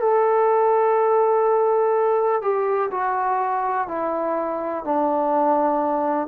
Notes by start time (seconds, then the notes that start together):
0.00 A4
2.41 G4
2.91 F#4
3.88 E4
4.84 D4